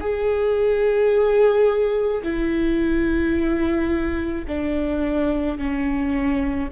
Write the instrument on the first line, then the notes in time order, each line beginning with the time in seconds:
viola
0.00 G#4
2.23 E4
4.47 D4
5.58 C#4